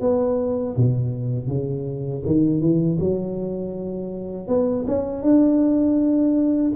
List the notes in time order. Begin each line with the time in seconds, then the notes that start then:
0.00 B3
0.76 B2
1.47 C#3
2.25 D#3
2.60 E3
2.99 F#3
4.47 B3
4.87 C#4
5.22 D4